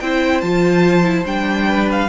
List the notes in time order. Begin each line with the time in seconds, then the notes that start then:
0.00 C4 E4 C5 G5
0.41 F3 F4 A5
1.04 E4
1.24 G3 D4 G5
1.68 B4
1.91 F5